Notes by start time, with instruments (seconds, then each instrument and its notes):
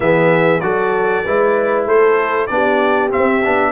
0.00 tuba E3, trombone B3, horn G#4, trumpet E5
0.60 tuba F#3, trombone F#4, horn A4, trumpet D5
1.25 tuba G#3, trombone E4, horn B4
1.85 tuba A3, horn A4, trumpet C5
2.46 tuba B3, trombone D4, horn G4, trumpet D5
3.10 trombone C4, trumpet E5
3.16 tuba C4
3.43 tuba B3, trombone D4